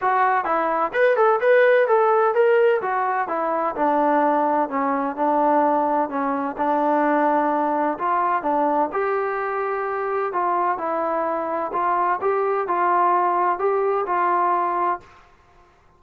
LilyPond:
\new Staff \with { instrumentName = "trombone" } { \time 4/4 \tempo 4 = 128 fis'4 e'4 b'8 a'8 b'4 | a'4 ais'4 fis'4 e'4 | d'2 cis'4 d'4~ | d'4 cis'4 d'2~ |
d'4 f'4 d'4 g'4~ | g'2 f'4 e'4~ | e'4 f'4 g'4 f'4~ | f'4 g'4 f'2 | }